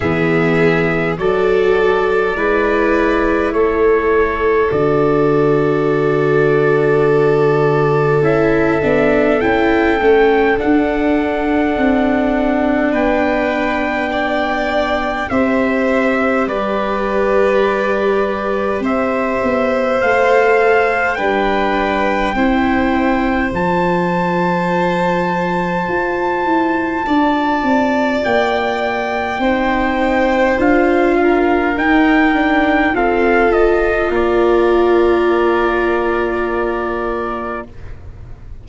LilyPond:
<<
  \new Staff \with { instrumentName = "trumpet" } { \time 4/4 \tempo 4 = 51 e''4 d''2 cis''4 | d''2. e''4 | g''4 fis''2 g''4~ | g''4 e''4 d''2 |
e''4 f''4 g''2 | a''1 | g''2 f''4 g''4 | f''8 dis''8 d''2. | }
  \new Staff \with { instrumentName = "violin" } { \time 4/4 gis'4 a'4 b'4 a'4~ | a'1~ | a'2. b'4 | d''4 c''4 b'2 |
c''2 b'4 c''4~ | c''2. d''4~ | d''4 c''4. ais'4. | a'4 ais'2. | }
  \new Staff \with { instrumentName = "viola" } { \time 4/4 b4 fis'4 e'2 | fis'2. e'8 d'8 | e'8 cis'8 d'2.~ | d'4 g'2.~ |
g'4 a'4 d'4 e'4 | f'1~ | f'4 dis'4 f'4 dis'8 d'8 | c'8 f'2.~ f'8 | }
  \new Staff \with { instrumentName = "tuba" } { \time 4/4 e4 fis4 gis4 a4 | d2. cis'8 b8 | cis'8 a8 d'4 c'4 b4~ | b4 c'4 g2 |
c'8 b8 a4 g4 c'4 | f2 f'8 e'8 d'8 c'8 | ais4 c'4 d'4 dis'4 | f'4 ais2. | }
>>